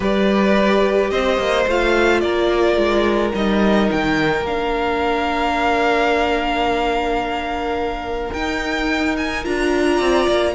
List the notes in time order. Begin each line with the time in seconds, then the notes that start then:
0.00 G3 G4 B4 D5
1.10 C4 C5 D#5
1.38 A#3
1.67 A3 F4 F5
2.20 A#3 A#4 D5
2.77 G#3
3.33 G3 D#4 D#5
3.91 D#3 G5
4.41 A#3 D4 F5
8.32 D#4 G5
9.17 G#5
9.44 D4 F4 A#5
9.96 C4 D5
10.28 A#3